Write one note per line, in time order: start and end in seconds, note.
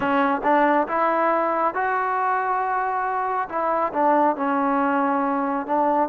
0.00 0.41 C#4
0.43 0.87 D4
0.87 1.74 E4
1.74 3.48 F#4
3.48 3.92 E4
3.93 4.36 D4
4.36 5.66 C#4
5.66 6.09 D4